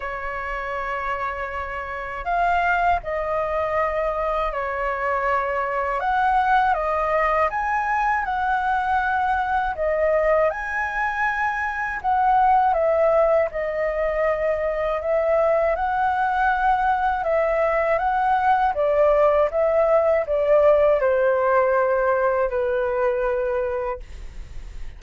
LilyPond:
\new Staff \with { instrumentName = "flute" } { \time 4/4 \tempo 4 = 80 cis''2. f''4 | dis''2 cis''2 | fis''4 dis''4 gis''4 fis''4~ | fis''4 dis''4 gis''2 |
fis''4 e''4 dis''2 | e''4 fis''2 e''4 | fis''4 d''4 e''4 d''4 | c''2 b'2 | }